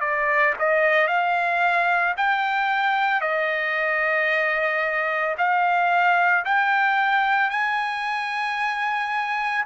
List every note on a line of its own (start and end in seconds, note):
0.00 0.54 D5
0.58 1.07 D#5
1.07 2.14 F5
2.17 3.21 G5
3.21 5.35 D#5
5.37 6.44 F5
6.45 7.50 G5
7.50 9.64 G#5